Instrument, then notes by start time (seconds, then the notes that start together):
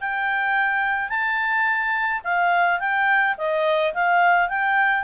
clarinet
0.00 G5
1.09 A5
2.24 F5
2.79 G5
3.37 D#5
3.94 F5
4.48 G5